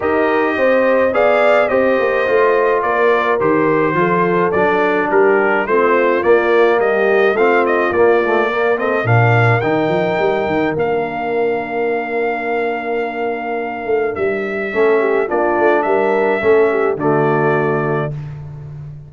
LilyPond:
<<
  \new Staff \with { instrumentName = "trumpet" } { \time 4/4 \tempo 4 = 106 dis''2 f''4 dis''4~ | dis''4 d''4 c''2 | d''4 ais'4 c''4 d''4 | dis''4 f''8 dis''8 d''4. dis''8 |
f''4 g''2 f''4~ | f''1~ | f''4 e''2 d''4 | e''2 d''2 | }
  \new Staff \with { instrumentName = "horn" } { \time 4/4 ais'4 c''4 d''4 c''4~ | c''4 ais'2 a'4~ | a'4 g'4 f'2 | g'4 f'2 ais'8 a'8 |
ais'1~ | ais'1~ | ais'2 a'8 g'8 f'4 | ais'4 a'8 g'8 fis'2 | }
  \new Staff \with { instrumentName = "trombone" } { \time 4/4 g'2 gis'4 g'4 | f'2 g'4 f'4 | d'2 c'4 ais4~ | ais4 c'4 ais8 a8 ais8 c'8 |
d'4 dis'2 d'4~ | d'1~ | d'2 cis'4 d'4~ | d'4 cis'4 a2 | }
  \new Staff \with { instrumentName = "tuba" } { \time 4/4 dis'4 c'4 b4 c'8 ais8 | a4 ais4 dis4 f4 | fis4 g4 a4 ais4 | g4 a4 ais2 |
ais,4 dis8 f8 g8 dis8 ais4~ | ais1~ | ais8 a8 g4 a4 ais8 a8 | g4 a4 d2 | }
>>